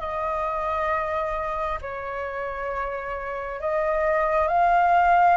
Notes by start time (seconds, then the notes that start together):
0.00 D#5
1.82 C#5
3.61 D#5
4.48 F5